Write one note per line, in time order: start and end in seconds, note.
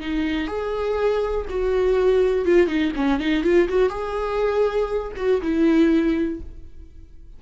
0.00 0.47 D#4
0.47 1.46 G#4
1.50 2.45 F#4
2.45 2.67 F4
2.67 2.92 D#4
2.96 3.19 C#4
3.19 3.44 D#4
3.44 3.68 F4
3.69 3.89 F#4
3.89 5.12 G#4
5.16 5.41 F#4
5.42 6.40 E4